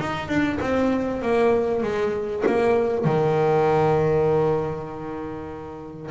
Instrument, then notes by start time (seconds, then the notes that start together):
double bass
0.00 D#4
0.28 D4
0.61 C4
1.22 A#3
1.83 G#3
2.46 A#3
3.05 D#3